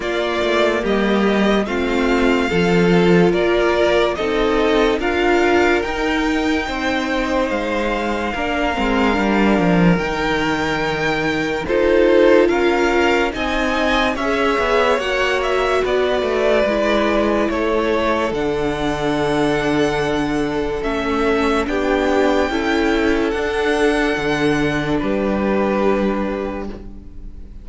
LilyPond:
<<
  \new Staff \with { instrumentName = "violin" } { \time 4/4 \tempo 4 = 72 d''4 dis''4 f''2 | d''4 dis''4 f''4 g''4~ | g''4 f''2. | g''2 c''4 f''4 |
gis''4 e''4 fis''8 e''8 d''4~ | d''4 cis''4 fis''2~ | fis''4 e''4 g''2 | fis''2 b'2 | }
  \new Staff \with { instrumentName = "violin" } { \time 4/4 f'4 g'4 f'4 a'4 | ais'4 a'4 ais'2 | c''2 ais'2~ | ais'2 a'4 ais'4 |
dis''4 cis''2 b'4~ | b'4 a'2.~ | a'2 g'4 a'4~ | a'2 g'2 | }
  \new Staff \with { instrumentName = "viola" } { \time 4/4 ais2 c'4 f'4~ | f'4 dis'4 f'4 dis'4~ | dis'2 d'8 c'8 d'4 | dis'2 f'2 |
dis'4 gis'4 fis'2 | e'2 d'2~ | d'4 cis'4 d'4 e'4 | d'1 | }
  \new Staff \with { instrumentName = "cello" } { \time 4/4 ais8 a8 g4 a4 f4 | ais4 c'4 d'4 dis'4 | c'4 gis4 ais8 gis8 g8 f8 | dis2 dis'4 cis'4 |
c'4 cis'8 b8 ais4 b8 a8 | gis4 a4 d2~ | d4 a4 b4 cis'4 | d'4 d4 g2 | }
>>